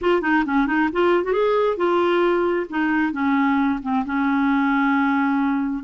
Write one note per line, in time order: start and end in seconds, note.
0.01 0.21 F4
0.21 0.44 D#4
0.45 0.66 C#4
0.66 0.89 D#4
0.92 1.24 F4
1.24 1.32 F#4
1.32 1.77 G#4
1.77 2.66 F4
2.69 3.12 D#4
3.12 3.79 C#4
3.82 4.04 C4
4.05 5.83 C#4